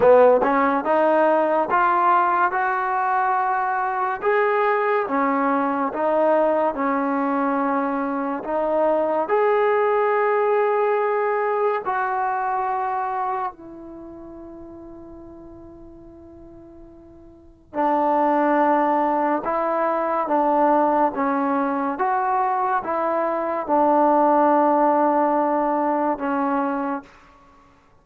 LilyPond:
\new Staff \with { instrumentName = "trombone" } { \time 4/4 \tempo 4 = 71 b8 cis'8 dis'4 f'4 fis'4~ | fis'4 gis'4 cis'4 dis'4 | cis'2 dis'4 gis'4~ | gis'2 fis'2 |
e'1~ | e'4 d'2 e'4 | d'4 cis'4 fis'4 e'4 | d'2. cis'4 | }